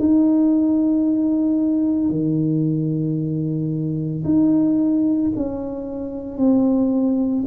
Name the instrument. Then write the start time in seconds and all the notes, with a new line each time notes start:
tuba
0.00 D#4
2.09 D#3
4.24 D#4
5.36 C#4
6.37 C4